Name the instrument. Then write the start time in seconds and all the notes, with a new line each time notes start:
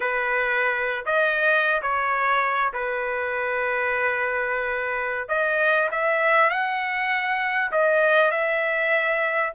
trumpet
0.00 B4
1.05 D#5
1.82 C#5
2.73 B4
5.28 D#5
5.91 E5
6.50 F#5
7.71 D#5
8.31 E5